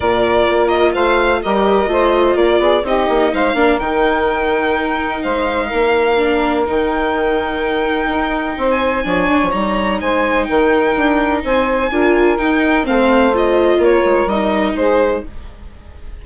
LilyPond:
<<
  \new Staff \with { instrumentName = "violin" } { \time 4/4 \tempo 4 = 126 d''4. dis''8 f''4 dis''4~ | dis''4 d''4 dis''4 f''4 | g''2. f''4~ | f''2 g''2~ |
g''2~ g''16 gis''4.~ gis''16 | ais''4 gis''4 g''2 | gis''2 g''4 f''4 | dis''4 cis''4 dis''4 c''4 | }
  \new Staff \with { instrumentName = "saxophone" } { \time 4/4 ais'2 c''4 ais'4 | c''4 ais'8 gis'8 g'4 c''8 ais'8~ | ais'2. c''4 | ais'1~ |
ais'2 c''4 cis''4~ | cis''4 c''4 ais'2 | c''4 ais'2 c''4~ | c''4 ais'2 gis'4 | }
  \new Staff \with { instrumentName = "viola" } { \time 4/4 f'2. g'4 | f'2 dis'4. d'8 | dis'1~ | dis'4 d'4 dis'2~ |
dis'2. d'4 | dis'1~ | dis'4 f'4 dis'4 c'4 | f'2 dis'2 | }
  \new Staff \with { instrumentName = "bassoon" } { \time 4/4 ais,4 ais4 a4 g4 | a4 ais8 b8 c'8 ais8 gis8 ais8 | dis2. gis4 | ais2 dis2~ |
dis4 dis'4 c'4 f8 d'16 f16 | g4 gis4 dis4 d'4 | c'4 d'4 dis'4 a4~ | a4 ais8 gis8 g4 gis4 | }
>>